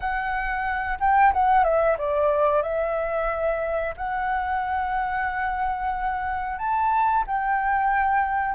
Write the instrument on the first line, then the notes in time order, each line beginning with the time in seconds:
flute
0.00 F#5
1.00 G5
1.33 F#5
1.63 E5
1.98 D5
2.62 E5
3.96 F#5
6.58 A5
7.26 G5